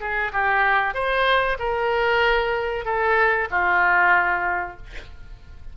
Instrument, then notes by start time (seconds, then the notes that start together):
oboe
0.00 G#4
0.32 G4
0.94 C5
1.59 A#4
2.85 A4
3.51 F4